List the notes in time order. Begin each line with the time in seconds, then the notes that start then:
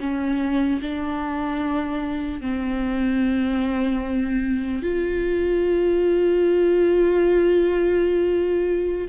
0.00 C#4
0.82 D4
2.41 C4
4.83 F4